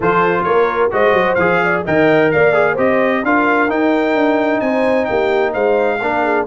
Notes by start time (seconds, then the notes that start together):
0.00 F3 F4 A4 C5
0.43 A#3 A#4 C#5
0.90 G#3 F#4 C5 D#5
1.12 F#3
1.34 F3 G#4 F5
1.64 D5
1.85 D#3 A#4 D#5 G5
2.31 A#3 D5 F5
2.53 G#4
2.73 C4 G4 C5 D#5
3.23 D4 F4 A#4 F5
3.68 D#4 G5
4.14 D4
4.60 C4 C5 G#5
5.05 A#3 G4 G5
5.52 G#3 C5 F5
6.00 A#3 D4 A#4
6.23 G#4